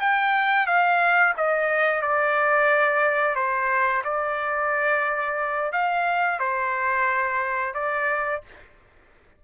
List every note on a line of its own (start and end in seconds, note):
0.00 0.66 G5
0.66 1.34 F5
1.37 2.02 D#5
2.02 3.35 D5
3.35 4.03 C5
4.04 5.72 D5
5.72 6.39 F5
6.39 7.74 C5
7.74 8.42 D5